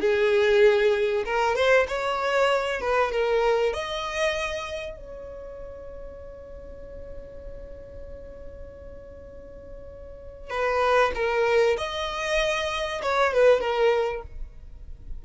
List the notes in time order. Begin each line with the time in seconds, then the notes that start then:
0.00 G#4
1.25 A#4
1.55 C5
1.88 C#5
2.81 B4
3.11 A#4
3.73 D#5
4.97 C#5
10.50 B4
11.15 A#4
11.78 D#5
13.02 C#5
13.33 B4
13.60 A#4